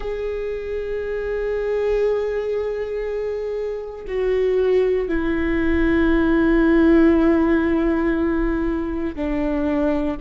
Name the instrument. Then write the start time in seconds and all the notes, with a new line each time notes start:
viola
0.00 G#4
4.07 F#4
5.08 E4
9.15 D4